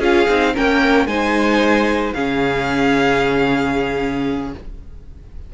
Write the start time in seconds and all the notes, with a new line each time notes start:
0.00 C#4 F4 G#4 F5
0.29 C4 D#4
0.54 A#3 C#4 A#4 G5
1.07 G#3 D#4 C5 G#5
2.14 C#3 C#4 G#4 F5